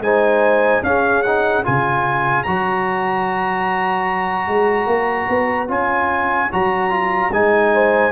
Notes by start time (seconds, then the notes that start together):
0.00 G#3 D#4 C5 G#5
0.83 C#4 G#4 F5
1.22 D#4 F#5
1.64 C#3 F4 C#5 G#5
2.43 F#3 F#4 A#5
4.48 G#3
4.86 A#3
5.29 B3
5.68 C#4 F4 G#5
6.52 F#3 F#4 A#5
6.90 F4
7.31 G#3 D#4 G#5
7.73 C5